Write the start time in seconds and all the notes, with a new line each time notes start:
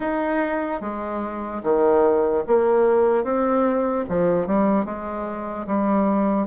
0.00 D#4
0.80 G#3
1.63 D#3
2.47 A#3
3.24 C4
4.08 F3
4.46 G3
4.85 G#3
5.66 G3